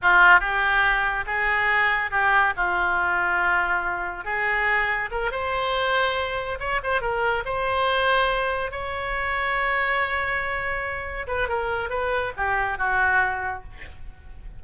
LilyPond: \new Staff \with { instrumentName = "oboe" } { \time 4/4 \tempo 4 = 141 f'4 g'2 gis'4~ | gis'4 g'4 f'2~ | f'2 gis'2 | ais'8 c''2. cis''8 |
c''8 ais'4 c''2~ c''8~ | c''8 cis''2.~ cis''8~ | cis''2~ cis''8 b'8 ais'4 | b'4 g'4 fis'2 | }